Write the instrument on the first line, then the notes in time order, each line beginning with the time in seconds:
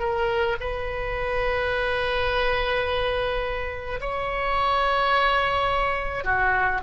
oboe
0.00 A#4
0.61 B4
4.01 C#5
6.24 F#4